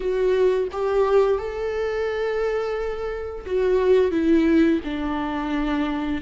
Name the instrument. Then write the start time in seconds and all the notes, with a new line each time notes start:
viola
0.00 F#4
0.71 G4
1.38 A4
3.45 F#4
4.11 E4
4.84 D4